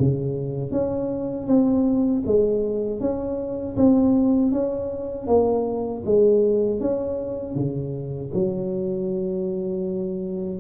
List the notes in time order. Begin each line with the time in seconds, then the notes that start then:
0.00 C#3
0.72 C#4
1.47 C4
2.26 G#3
3.01 C#4
3.77 C4
4.53 C#4
5.28 A#3
6.06 G#3
6.81 C#4
7.56 C#3
8.34 F#3